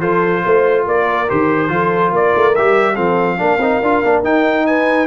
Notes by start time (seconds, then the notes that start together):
0.00 F3 F4 A4 C5
0.43 A3 C5
0.86 A#3 A#4 D5
1.28 D#3 G4 C5
1.68 F3 F4 A4
2.11 A#3 A#4 D5
2.35 A3
2.55 G3 G4 E5
2.94 F3 C4 A4 F5
3.38 A#3 D4 A#4
3.58 C4 D#4
3.82 D4 F4
4.04 A#3 D4
4.24 D#4 G5
4.66 B4 G#5